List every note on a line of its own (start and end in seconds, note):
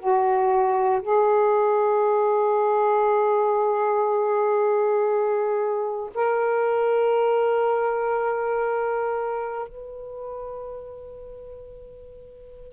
0.00 1.02 F#4
1.02 6.11 G#4
6.15 9.69 A#4
9.69 12.73 B4